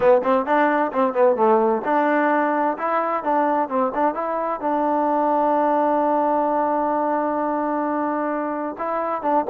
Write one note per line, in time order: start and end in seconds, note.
0.00 0.21 B3
0.23 0.45 C4
0.45 0.91 D4
0.92 1.13 C4
1.13 1.36 B3
1.36 1.82 A3
1.84 2.77 D4
2.78 3.23 E4
3.23 3.68 D4
3.68 3.91 C4
3.94 4.14 D4
4.14 4.60 E4
4.60 8.75 D4
8.78 9.22 E4
9.22 9.45 D4